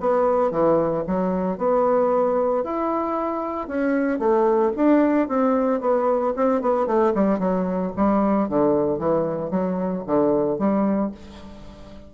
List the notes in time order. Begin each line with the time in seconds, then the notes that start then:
0.00 B3
0.50 E3
1.07 F#3
1.57 B3
2.63 E4
3.67 C#4
4.19 A3
4.76 D4
5.28 C4
5.80 B3
6.36 C4
6.61 B3
6.86 A3
7.14 G3
7.39 F#3
7.96 G3
8.48 D3
8.98 E3
9.50 F#3
10.06 D3
10.58 G3